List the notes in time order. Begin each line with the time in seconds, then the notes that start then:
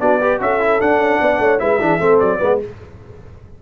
0.00 B3 D4 F#4 D5
0.19 G4 B4
0.40 C#4 F#4 A4 E5
0.60 E4
0.80 D4 F#5
0.97 C#4
1.21 B3 D5
1.39 A3 C#5
1.59 G#3 E4 B4 E5
1.80 E3 D4 G#4
1.98 A3 C4 A4
2.20 F#3 D5
2.38 G#3 B3 B4